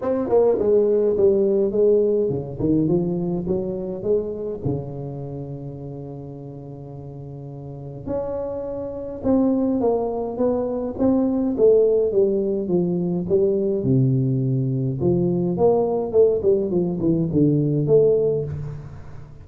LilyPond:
\new Staff \with { instrumentName = "tuba" } { \time 4/4 \tempo 4 = 104 c'8 ais8 gis4 g4 gis4 | cis8 dis8 f4 fis4 gis4 | cis1~ | cis2 cis'2 |
c'4 ais4 b4 c'4 | a4 g4 f4 g4 | c2 f4 ais4 | a8 g8 f8 e8 d4 a4 | }